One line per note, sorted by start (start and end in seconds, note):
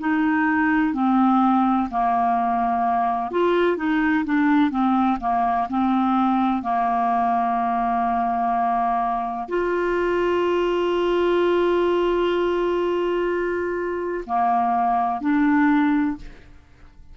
0.00 0.94 D#4
0.94 1.89 C4
1.90 3.32 A#3
3.32 3.77 F4
3.77 4.25 D#4
4.26 4.71 D4
4.71 5.19 C4
5.21 5.68 A#3
5.70 6.63 C4
6.63 9.48 A#3
9.49 14.25 F4
14.26 15.21 A#3
15.21 16.16 D4